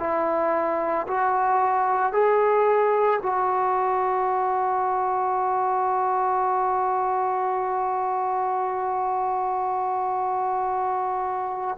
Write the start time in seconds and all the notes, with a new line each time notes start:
0.00 E4
1.08 F#4
2.13 G#4
3.22 F#4